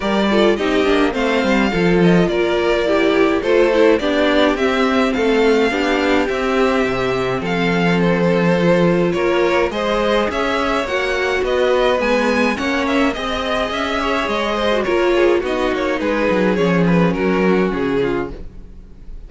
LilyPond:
<<
  \new Staff \with { instrumentName = "violin" } { \time 4/4 \tempo 4 = 105 d''4 dis''4 f''4. dis''8 | d''2 c''4 d''4 | e''4 f''2 e''4~ | e''4 f''4 c''2 |
cis''4 dis''4 e''4 fis''4 | dis''4 gis''4 fis''8 e''8 dis''4 | e''4 dis''4 cis''4 dis''8 cis''8 | b'4 cis''8 b'8 ais'4 gis'4 | }
  \new Staff \with { instrumentName = "violin" } { \time 4/4 ais'8 a'8 g'4 c''4 a'4 | ais'4 g'4 a'4 g'4~ | g'4 a'4 g'2~ | g'4 a'2. |
ais'4 c''4 cis''2 | b'2 cis''4 dis''4~ | dis''8 cis''4 c''8 ais'8 gis'8 fis'4 | gis'2 fis'4. f'8 | }
  \new Staff \with { instrumentName = "viola" } { \time 4/4 g'8 f'8 dis'8 d'8 c'4 f'4~ | f'4 e'4 f'8 e'8 d'4 | c'2 d'4 c'4~ | c'2. f'4~ |
f'4 gis'2 fis'4~ | fis'4 b4 cis'4 gis'4~ | gis'4.~ gis'16 fis'16 f'4 dis'4~ | dis'4 cis'2. | }
  \new Staff \with { instrumentName = "cello" } { \time 4/4 g4 c'8 ais8 a8 g8 f4 | ais2 a4 b4 | c'4 a4 b4 c'4 | c4 f2. |
ais4 gis4 cis'4 ais4 | b4 gis4 ais4 c'4 | cis'4 gis4 ais4 b8 ais8 | gis8 fis8 f4 fis4 cis4 | }
>>